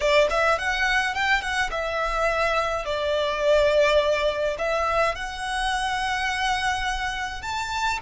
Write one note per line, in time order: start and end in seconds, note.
0.00 0.28 D5
0.30 0.58 E5
0.58 1.14 F#5
1.14 1.41 G5
1.41 1.70 F#5
1.71 2.85 E5
2.85 4.56 D5
4.58 5.15 E5
5.15 7.42 F#5
7.42 7.99 A5